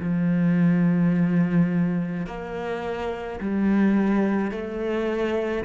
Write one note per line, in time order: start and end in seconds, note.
0.00 2.26 F3
2.26 3.40 A#3
3.40 4.51 G3
4.51 5.64 A3